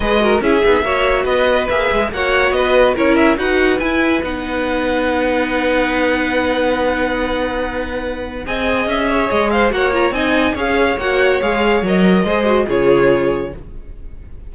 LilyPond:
<<
  \new Staff \with { instrumentName = "violin" } { \time 4/4 \tempo 4 = 142 dis''4 e''2 dis''4 | e''4 fis''4 dis''4 cis''8 e''8 | fis''4 gis''4 fis''2~ | fis''1~ |
fis''1 | gis''4 e''4 dis''8 f''8 fis''8 ais''8 | gis''4 f''4 fis''4 f''4 | dis''2 cis''2 | }
  \new Staff \with { instrumentName = "violin" } { \time 4/4 b'8 ais'8 gis'4 cis''4 b'4~ | b'4 cis''4 b'4 ais'4 | b'1~ | b'1~ |
b'1 | dis''4. cis''4 c''8 cis''4 | dis''4 cis''2.~ | cis''4 c''4 gis'2 | }
  \new Staff \with { instrumentName = "viola" } { \time 4/4 gis'8 fis'8 e'8 dis'8 fis'2 | gis'4 fis'2 e'4 | fis'4 e'4 dis'2~ | dis'1~ |
dis'1 | gis'2. fis'8 f'8 | dis'4 gis'4 fis'4 gis'4 | ais'4 gis'8 fis'8 f'2 | }
  \new Staff \with { instrumentName = "cello" } { \time 4/4 gis4 cis'8 b8 ais4 b4 | ais8 gis8 ais4 b4 cis'4 | dis'4 e'4 b2~ | b1~ |
b1 | c'4 cis'4 gis4 ais4 | c'4 cis'4 ais4 gis4 | fis4 gis4 cis2 | }
>>